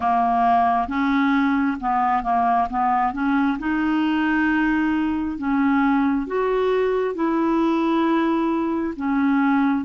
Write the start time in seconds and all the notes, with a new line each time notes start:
0.00 A#3
0.88 C#4
1.80 B3
2.23 A#3
2.70 B3
3.13 C#4
3.58 D#4
5.37 C#4
6.26 F#4
7.14 E4
8.96 C#4